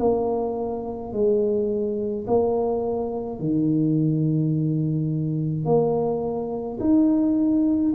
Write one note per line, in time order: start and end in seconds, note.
0.00 1.13 A#3
1.13 2.26 G#3
2.27 3.40 A#3
3.40 5.66 D#3
5.66 6.79 A#3
6.80 7.93 D#4